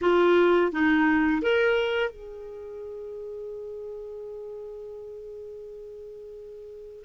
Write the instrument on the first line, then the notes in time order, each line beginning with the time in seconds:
clarinet
0.01 F4
0.72 D#4
1.42 A#4
2.10 G#4